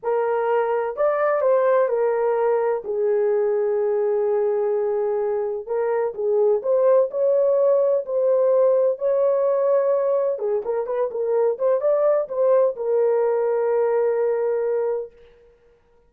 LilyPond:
\new Staff \with { instrumentName = "horn" } { \time 4/4 \tempo 4 = 127 ais'2 d''4 c''4 | ais'2 gis'2~ | gis'1 | ais'4 gis'4 c''4 cis''4~ |
cis''4 c''2 cis''4~ | cis''2 gis'8 ais'8 b'8 ais'8~ | ais'8 c''8 d''4 c''4 ais'4~ | ais'1 | }